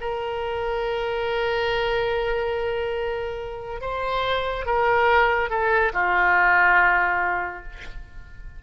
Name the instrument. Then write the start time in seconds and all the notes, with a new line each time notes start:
oboe
0.00 A#4
3.80 C5
4.66 A#4
5.49 A4
5.92 F4